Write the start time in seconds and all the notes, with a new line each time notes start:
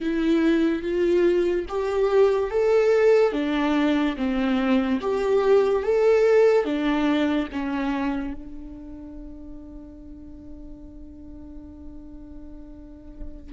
0.00 E4
0.82 F4
1.68 G4
2.50 A4
3.32 D4
4.16 C4
5.00 G4
5.83 A4
6.64 D4
7.52 C#4
8.33 D4